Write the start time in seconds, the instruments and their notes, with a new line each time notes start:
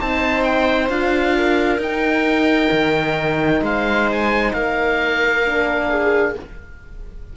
0.00 cello C4, horn D#4, viola C5, oboe A5
0.44 oboe G5
0.90 cello D4, horn F4, oboe F5
1.37 viola A#4
1.79 cello D#4, horn D#4, oboe G5
2.72 cello D#3
3.62 cello G#3, viola C5, oboe F5
4.12 oboe G#5
4.54 cello A#3, viola A#4, oboe F5
5.46 horn D4
5.90 viola G#4